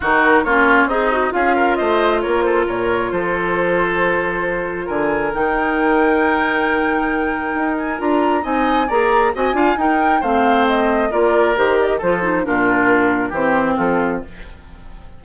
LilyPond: <<
  \new Staff \with { instrumentName = "flute" } { \time 4/4 \tempo 4 = 135 ais'4 cis''4 dis''4 f''4 | dis''4 cis''8 c''8 cis''4 c''4~ | c''2. gis''4 | g''1~ |
g''4. gis''8 ais''4 gis''4 | ais''4 gis''4 g''4 f''4 | dis''4 d''4 c''8 d''16 dis''16 c''4 | ais'2 c''4 a'4 | }
  \new Staff \with { instrumentName = "oboe" } { \time 4/4 fis'4 f'4 dis'4 gis'8 ais'8 | c''4 ais'8 a'8 ais'4 a'4~ | a'2. ais'4~ | ais'1~ |
ais'2. dis''4 | d''4 dis''8 f''8 ais'4 c''4~ | c''4 ais'2 a'4 | f'2 g'4 f'4 | }
  \new Staff \with { instrumentName = "clarinet" } { \time 4/4 dis'4 cis'4 gis'8 fis'8 f'4~ | f'1~ | f'1 | dis'1~ |
dis'2 f'4 dis'4 | gis'4 fis'8 f'8 dis'4 c'4~ | c'4 f'4 g'4 f'8 dis'8 | d'2 c'2 | }
  \new Staff \with { instrumentName = "bassoon" } { \time 4/4 dis4 ais4 c'4 cis'4 | a4 ais4 ais,4 f4~ | f2. d4 | dis1~ |
dis4 dis'4 d'4 c'4 | ais4 c'8 d'8 dis'4 a4~ | a4 ais4 dis4 f4 | ais,2 e4 f4 | }
>>